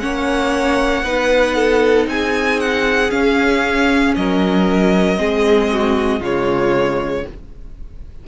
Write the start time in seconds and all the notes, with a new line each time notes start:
0.00 A#3 C#4 C#5 F#5
1.03 B3 D#4 B4
1.55 A4
2.07 C4 G#4 G#5
2.60 F#5
3.10 C#4 F5
4.16 F#3 A#4 D#5
5.17 G#3 C4 G#4
5.72 F#4
6.20 C#3 G#3 F4 C#5